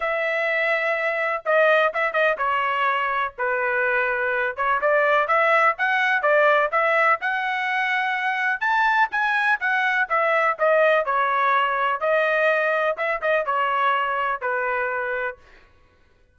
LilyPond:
\new Staff \with { instrumentName = "trumpet" } { \time 4/4 \tempo 4 = 125 e''2. dis''4 | e''8 dis''8 cis''2 b'4~ | b'4. cis''8 d''4 e''4 | fis''4 d''4 e''4 fis''4~ |
fis''2 a''4 gis''4 | fis''4 e''4 dis''4 cis''4~ | cis''4 dis''2 e''8 dis''8 | cis''2 b'2 | }